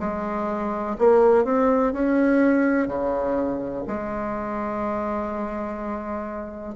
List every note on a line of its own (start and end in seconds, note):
0.00 0.97 G#3
0.99 1.45 A#3
1.45 1.93 C4
1.93 2.88 C#4
2.88 3.85 C#3
3.88 6.76 G#3